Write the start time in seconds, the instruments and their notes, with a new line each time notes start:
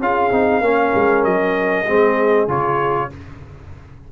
0.00 tuba C#4, trombone F4, horn G#4, trumpet F5
0.31 tuba C4, trombone D#4
0.61 tuba A#3, trombone C#4, horn A#4
0.95 tuba G#3
1.24 tuba F#3, trumpet D#5
1.87 tuba G#3, trombone C4, horn G#4
2.48 tuba C#3, trombone F4, trumpet C#5